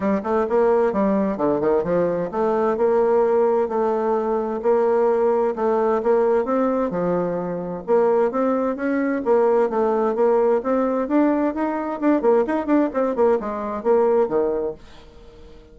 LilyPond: \new Staff \with { instrumentName = "bassoon" } { \time 4/4 \tempo 4 = 130 g8 a8 ais4 g4 d8 dis8 | f4 a4 ais2 | a2 ais2 | a4 ais4 c'4 f4~ |
f4 ais4 c'4 cis'4 | ais4 a4 ais4 c'4 | d'4 dis'4 d'8 ais8 dis'8 d'8 | c'8 ais8 gis4 ais4 dis4 | }